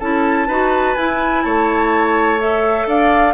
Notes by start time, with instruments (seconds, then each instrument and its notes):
0.00 bassoon C#4, clarinet E4, oboe A4, flute A5
0.48 bassoon D#4, clarinet F#4, oboe B4
0.96 bassoon E4, clarinet E4, flute G#5
1.44 bassoon A3, oboe C#5, flute A5
2.39 clarinet A4, flute E5
2.87 bassoon D4, oboe D5, flute F5